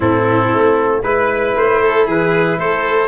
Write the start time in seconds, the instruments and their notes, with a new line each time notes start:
0.00 tuba A2, trombone C4, violin E4, trumpet A4
0.53 tuba A3
1.02 tuba G#3, trombone E4, trumpet B4, violin B4
1.56 tuba A3, trumpet C5
1.81 violin A4
2.06 tuba E3, violin G#4, trumpet B4
2.58 tuba A3, violin A4, trumpet C5